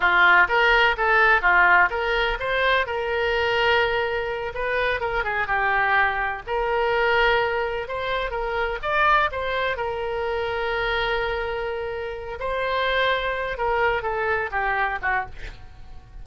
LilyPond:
\new Staff \with { instrumentName = "oboe" } { \time 4/4 \tempo 4 = 126 f'4 ais'4 a'4 f'4 | ais'4 c''4 ais'2~ | ais'4. b'4 ais'8 gis'8 g'8~ | g'4. ais'2~ ais'8~ |
ais'8 c''4 ais'4 d''4 c''8~ | c''8 ais'2.~ ais'8~ | ais'2 c''2~ | c''8 ais'4 a'4 g'4 fis'8 | }